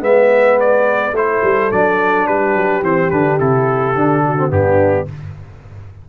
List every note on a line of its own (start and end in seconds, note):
0.00 1.12 G#3
0.00 1.12 B3
0.00 1.16 B4
0.00 0.59 E5
0.59 1.16 D5
1.12 1.40 A3
1.12 1.71 E4
1.12 2.28 A4
1.12 1.71 C5
1.43 1.71 G3
1.71 2.27 F#3
1.71 2.83 D4
1.71 2.27 D5
2.27 2.55 G3
2.27 4.24 G4
2.27 2.83 B4
2.55 2.82 F#3
2.82 3.10 E3
2.82 3.11 C4
2.82 3.10 C5
3.10 3.40 D3
3.10 3.39 D4
3.10 3.38 B4
3.39 3.95 C3
3.39 3.95 E4
3.39 4.52 A4
3.95 4.50 D3
3.95 4.38 D4
4.25 4.53 F#4
4.38 4.49 C4
4.49 5.07 G2
4.49 5.05 B3
4.49 5.09 D4
4.49 5.08 G4